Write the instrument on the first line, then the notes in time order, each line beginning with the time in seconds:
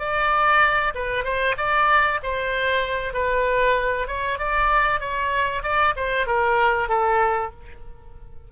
oboe
0.00 D5
0.95 B4
1.24 C5
1.58 D5
2.24 C5
3.14 B4
4.08 C#5
4.39 D5
5.00 C#5
5.63 D5
5.97 C5
6.27 A#4
6.89 A4